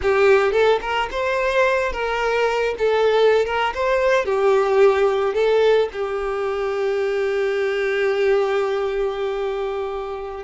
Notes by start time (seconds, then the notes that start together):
0.02 G4
0.52 A4
0.81 A#4
1.11 C5
1.92 A#4
2.78 A4
3.45 A#4
3.74 C5
4.25 G4
5.33 A4
5.92 G4